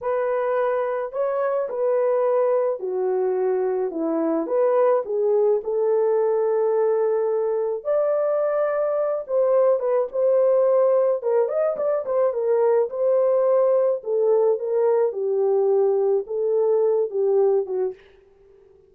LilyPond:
\new Staff \with { instrumentName = "horn" } { \time 4/4 \tempo 4 = 107 b'2 cis''4 b'4~ | b'4 fis'2 e'4 | b'4 gis'4 a'2~ | a'2 d''2~ |
d''8 c''4 b'8 c''2 | ais'8 dis''8 d''8 c''8 ais'4 c''4~ | c''4 a'4 ais'4 g'4~ | g'4 a'4. g'4 fis'8 | }